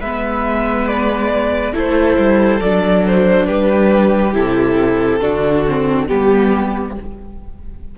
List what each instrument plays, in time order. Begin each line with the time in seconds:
0.00 cello G#3, viola B3, violin B4 E5
0.87 violin D5
1.73 cello A3, viola E4, violin A4 C5
2.17 cello G3
2.60 cello F#3, viola D4, violin D5
3.07 violin C5
3.47 cello G3, violin G4 B4
4.33 cello C3, viola E4, violin A4
5.21 cello D3, viola D4, violin F#4
5.69 viola C4
6.07 cello G3, viola B3, violin G4